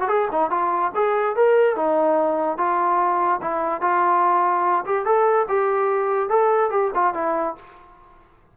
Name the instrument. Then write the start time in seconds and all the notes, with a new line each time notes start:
trombone
0.00 F#4
0.08 G#4
0.32 D#4
0.50 F4
0.95 G#4
1.36 A#4
1.76 D#4
2.57 F4
3.42 E4
3.81 F4
4.85 G4
5.05 A4
5.48 G4
6.29 A4
6.71 G4
6.94 F4
7.14 E4